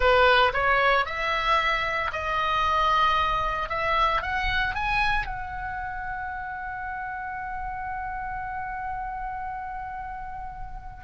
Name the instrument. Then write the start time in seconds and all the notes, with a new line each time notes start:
oboe
0.00 B4
0.53 C#5
1.05 E5
2.12 D#5
3.69 E5
4.22 F#5
4.74 G#5
5.26 F#5